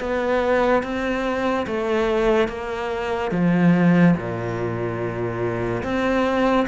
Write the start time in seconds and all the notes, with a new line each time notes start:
0.00 B3
0.83 C4
1.67 A3
2.48 A#3
3.32 F3
4.17 A#2
5.84 C4